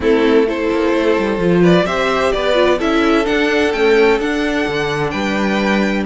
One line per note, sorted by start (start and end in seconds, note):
0.00 0.69 A3
0.00 0.46 C4
0.00 0.47 E4
0.00 0.48 A4
0.46 1.39 E4
0.46 1.61 A4
0.46 1.64 C5
0.71 0.94 A#3
0.94 1.17 A3
1.18 1.38 G3
1.38 1.84 F3
1.38 1.86 F4
1.61 1.84 B4
1.61 1.86 D5
1.85 2.32 C4
1.85 2.54 G4
1.85 2.33 C5
1.85 2.32 E5
2.32 2.80 B3
2.32 2.78 B4
2.32 2.78 D5
2.54 2.77 F4
2.78 3.27 C#4
2.78 3.24 E4
2.78 5.11 A4
2.78 3.25 E5
3.24 3.70 D4
3.24 3.74 D4
3.24 3.72 F#5
3.72 4.19 A3
3.72 4.19 C#4
3.72 4.18 G5
4.19 4.66 D4
4.19 6.05 D4
4.19 5.10 F#5
4.67 5.13 D3
5.10 6.05 G3
5.10 6.04 B4
5.10 6.03 G5